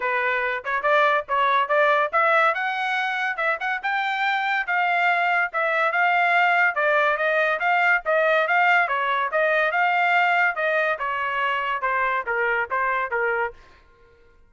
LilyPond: \new Staff \with { instrumentName = "trumpet" } { \time 4/4 \tempo 4 = 142 b'4. cis''8 d''4 cis''4 | d''4 e''4 fis''2 | e''8 fis''8 g''2 f''4~ | f''4 e''4 f''2 |
d''4 dis''4 f''4 dis''4 | f''4 cis''4 dis''4 f''4~ | f''4 dis''4 cis''2 | c''4 ais'4 c''4 ais'4 | }